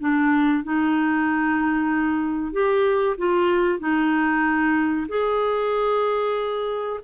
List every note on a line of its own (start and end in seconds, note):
0.00 0.64 D4
0.64 2.52 D#4
2.52 3.16 G4
3.18 3.79 F4
3.79 5.07 D#4
5.08 7.00 G#4